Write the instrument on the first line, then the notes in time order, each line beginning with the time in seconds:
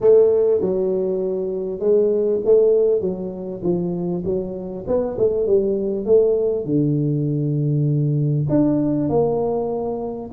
tuba
0.00 A3
0.61 F#3
1.79 G#3
2.44 A3
3.01 F#3
3.62 F3
4.24 F#3
4.87 B3
5.18 A3
5.46 G3
6.05 A3
6.65 D3
8.48 D4
9.09 A#3